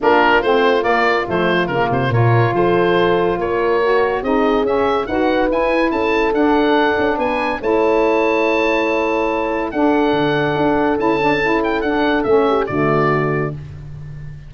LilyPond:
<<
  \new Staff \with { instrumentName = "oboe" } { \time 4/4 \tempo 4 = 142 ais'4 c''4 d''4 c''4 | ais'8 c''8 cis''4 c''2 | cis''2 dis''4 e''4 | fis''4 gis''4 a''4 fis''4~ |
fis''4 gis''4 a''2~ | a''2. fis''4~ | fis''2 a''4. g''8 | fis''4 e''4 d''2 | }
  \new Staff \with { instrumentName = "horn" } { \time 4/4 f'1~ | f'4 ais'4 a'2 | ais'2 gis'2 | b'2 a'2~ |
a'4 b'4 cis''2~ | cis''2. a'4~ | a'1~ | a'4. g'8 fis'2 | }
  \new Staff \with { instrumentName = "saxophone" } { \time 4/4 d'4 c'4 ais4 a4 | ais4 f'2.~ | f'4 fis'4 dis'4 cis'4 | fis'4 e'2 d'4~ |
d'2 e'2~ | e'2. d'4~ | d'2 e'8 d'8 e'4 | d'4 cis'4 a2 | }
  \new Staff \with { instrumentName = "tuba" } { \time 4/4 ais4 a4 ais4 f4 | cis8 c8 ais,4 f2 | ais2 c'4 cis'4 | dis'4 e'4 cis'4 d'4~ |
d'8 cis'8 b4 a2~ | a2. d'4 | d4 d'4 cis'2 | d'4 a4 d2 | }
>>